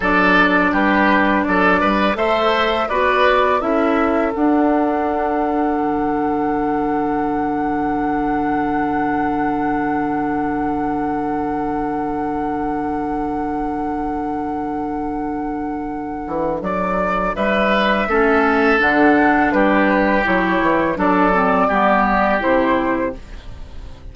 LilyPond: <<
  \new Staff \with { instrumentName = "flute" } { \time 4/4 \tempo 4 = 83 d''4 b'4 d''4 e''4 | d''4 e''4 fis''2~ | fis''1~ | fis''1~ |
fis''1~ | fis''2. d''4 | e''2 fis''4 b'4 | cis''4 d''2 c''4 | }
  \new Staff \with { instrumentName = "oboe" } { \time 4/4 a'4 g'4 a'8 b'8 c''4 | b'4 a'2.~ | a'1~ | a'1~ |
a'1~ | a'1 | b'4 a'2 g'4~ | g'4 a'4 g'2 | }
  \new Staff \with { instrumentName = "clarinet" } { \time 4/4 d'2. a'4 | fis'4 e'4 d'2~ | d'1~ | d'1~ |
d'1~ | d'1~ | d'4 cis'4 d'2 | e'4 d'8 c'8 b4 e'4 | }
  \new Staff \with { instrumentName = "bassoon" } { \time 4/4 fis4 g4 fis8 g8 a4 | b4 cis'4 d'2 | d1~ | d1~ |
d1~ | d2~ d8 e8 fis4 | g4 a4 d4 g4 | fis8 e8 fis4 g4 c4 | }
>>